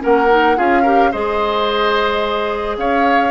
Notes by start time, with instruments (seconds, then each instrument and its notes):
0.00 bassoon A#3, clarinet C#4, oboe A#4, flute F#5
0.30 clarinet D#4
0.56 bassoon C#4, clarinet F4, oboe G#4, flute F5
0.83 clarinet G4, oboe A#4
1.12 bassoon G#3, clarinet G#4, oboe C5, flute D#5
2.78 bassoon C#4, oboe C#5, flute F5